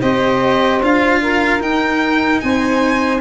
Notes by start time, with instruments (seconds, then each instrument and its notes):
0.00 tuba C4, cello G4, saxophone C5, violin D#5
0.81 tuba D4, cello F4, violin F5
1.21 saxophone A#4
1.59 cello D#4, tuba D#4, violin G5
2.40 tuba C4, saxophone C5, violin G#5